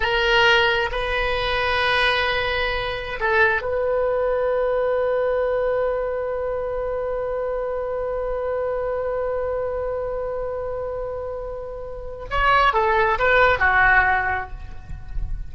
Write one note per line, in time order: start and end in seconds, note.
0.00 0.89 A#4
0.91 3.19 B4
3.20 3.61 A4
3.61 12.25 B4
12.30 12.73 C#5
12.73 13.18 A4
13.18 13.59 B4
13.59 14.50 F#4